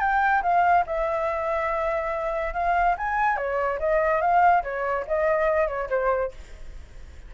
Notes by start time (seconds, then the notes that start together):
0.00 G5
0.43 F5
0.87 E5
2.54 F5
2.98 G#5
3.37 C#5
3.79 D#5
4.21 F5
4.63 C#5
5.07 D#5
5.68 C#5
5.90 C5